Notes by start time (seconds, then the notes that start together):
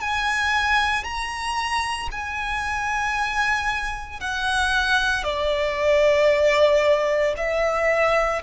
0.00 G#5
1.04 A#5
2.11 G#5
4.20 F#5
5.24 D5
7.37 E5